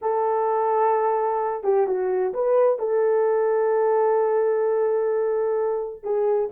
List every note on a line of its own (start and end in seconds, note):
0.01 1.63 A4
1.63 1.86 G4
1.86 2.33 F#4
2.33 2.78 B4
2.78 6.03 A4
6.03 6.49 G#4